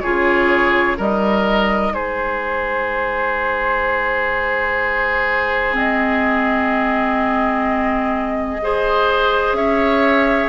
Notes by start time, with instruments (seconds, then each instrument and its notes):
0.00 bassoon C#3, clarinet F4, oboe G#4, flute C#5
0.97 bassoon G3, clarinet D#4, oboe A#4, flute D#5
1.92 bassoon G#3, oboe G#4, flute C5
5.72 clarinet C4, flute D#5
8.62 clarinet G#4, oboe C5
9.52 bassoon C#4, oboe C#5, flute E5